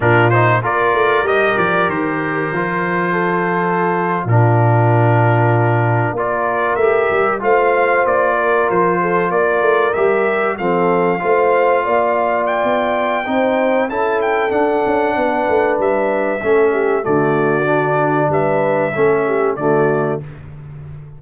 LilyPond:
<<
  \new Staff \with { instrumentName = "trumpet" } { \time 4/4 \tempo 4 = 95 ais'8 c''8 d''4 dis''8 d''8 c''4~ | c''2~ c''8. ais'4~ ais'16~ | ais'4.~ ais'16 d''4 e''4 f''16~ | f''8. d''4 c''4 d''4 e''16~ |
e''8. f''2. g''16~ | g''2 a''8 g''8 fis''4~ | fis''4 e''2 d''4~ | d''4 e''2 d''4 | }
  \new Staff \with { instrumentName = "horn" } { \time 4/4 f'4 ais'2.~ | ais'4 a'4.~ a'16 f'4~ f'16~ | f'4.~ f'16 ais'2 c''16~ | c''4~ c''16 ais'4 a'8 ais'4~ ais'16~ |
ais'8. a'4 c''4 d''4~ d''16~ | d''4 c''4 a'2 | b'2 a'8 g'8 fis'4~ | fis'4 b'4 a'8 g'8 fis'4 | }
  \new Staff \with { instrumentName = "trombone" } { \time 4/4 d'8 dis'8 f'4 g'2 | f'2~ f'8. d'4~ d'16~ | d'4.~ d'16 f'4 g'4 f'16~ | f'2.~ f'8. g'16~ |
g'8. c'4 f'2~ f'16~ | f'4 dis'4 e'4 d'4~ | d'2 cis'4 a4 | d'2 cis'4 a4 | }
  \new Staff \with { instrumentName = "tuba" } { \time 4/4 ais,4 ais8 a8 g8 f8 dis4 | f2~ f8. ais,4~ ais,16~ | ais,4.~ ais,16 ais4 a8 g8 a16~ | a8. ais4 f4 ais8 a8 g16~ |
g8. f4 a4 ais4~ ais16 | b4 c'4 cis'4 d'8 cis'8 | b8 a8 g4 a4 d4~ | d4 g4 a4 d4 | }
>>